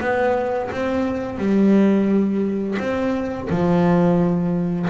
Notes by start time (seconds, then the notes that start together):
0.00 B3
0.71 C4
1.38 G3
2.78 C4
3.49 F3